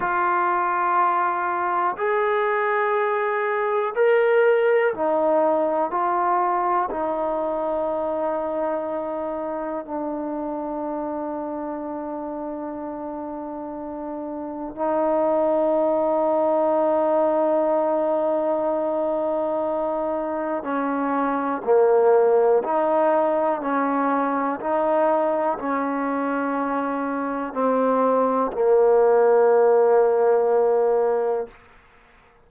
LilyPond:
\new Staff \with { instrumentName = "trombone" } { \time 4/4 \tempo 4 = 61 f'2 gis'2 | ais'4 dis'4 f'4 dis'4~ | dis'2 d'2~ | d'2. dis'4~ |
dis'1~ | dis'4 cis'4 ais4 dis'4 | cis'4 dis'4 cis'2 | c'4 ais2. | }